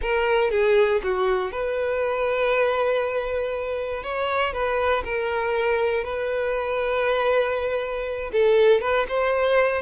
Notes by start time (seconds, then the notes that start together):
0.01 A#4
0.50 G#4
1.03 F#4
1.51 B4
4.03 C#5
4.53 B4
5.04 A#4
6.04 B4
8.32 A4
8.81 B4
9.08 C5